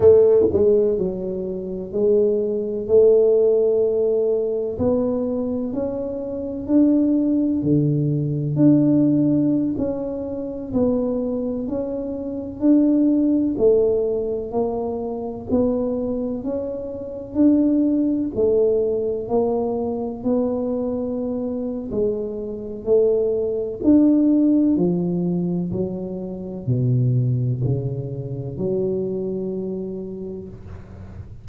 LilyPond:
\new Staff \with { instrumentName = "tuba" } { \time 4/4 \tempo 4 = 63 a8 gis8 fis4 gis4 a4~ | a4 b4 cis'4 d'4 | d4 d'4~ d'16 cis'4 b8.~ | b16 cis'4 d'4 a4 ais8.~ |
ais16 b4 cis'4 d'4 a8.~ | a16 ais4 b4.~ b16 gis4 | a4 d'4 f4 fis4 | b,4 cis4 fis2 | }